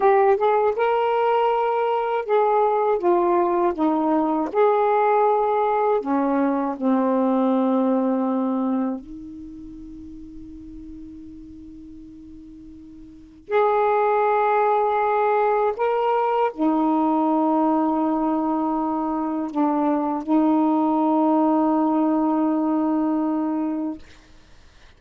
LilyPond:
\new Staff \with { instrumentName = "saxophone" } { \time 4/4 \tempo 4 = 80 g'8 gis'8 ais'2 gis'4 | f'4 dis'4 gis'2 | cis'4 c'2. | dis'1~ |
dis'2 gis'2~ | gis'4 ais'4 dis'2~ | dis'2 d'4 dis'4~ | dis'1 | }